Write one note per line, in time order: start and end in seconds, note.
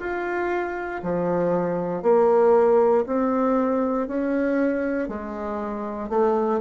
0.00 1.02 F4
1.03 2.03 F3
2.03 3.05 A#3
3.06 4.08 C4
4.08 5.08 C#4
5.08 6.10 G#3
6.10 6.61 A3